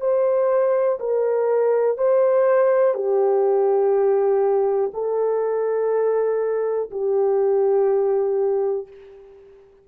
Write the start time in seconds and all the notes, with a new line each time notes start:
0.00 C5
0.99 A#4
1.97 C5
2.94 G4
4.93 A4
6.90 G4